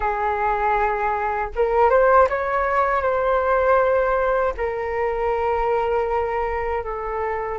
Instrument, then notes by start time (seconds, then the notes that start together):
flute
0.00 G#4
1.55 A#4
1.90 C5
2.29 C#5
3.01 C5
4.57 A#4
6.83 A4